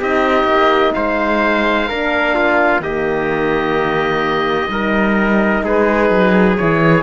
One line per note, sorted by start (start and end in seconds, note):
0.00 0.44 C4
0.00 1.89 D#4
0.00 0.94 G4
0.00 0.94 D#5
0.44 0.91 A#3
0.94 1.90 G#3
0.94 1.88 C5
0.94 2.81 F5
1.88 2.80 A#3
1.88 2.82 D4
1.88 2.35 A#4
2.36 2.82 F4
2.80 4.68 D#3
2.80 4.70 A#3
2.80 4.71 G4
2.80 5.64 D#5
4.69 5.63 G3
4.69 6.58 D#4
4.69 5.65 A#4
5.64 6.11 G#3
5.64 7.03 G#4
5.64 6.57 B4
6.11 6.57 F#3
6.57 7.03 E3
6.57 7.03 E4
6.57 7.03 C#5